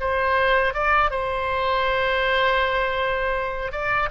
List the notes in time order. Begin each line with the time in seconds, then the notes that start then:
0.00 C5
0.74 D5
1.11 C5
3.72 D5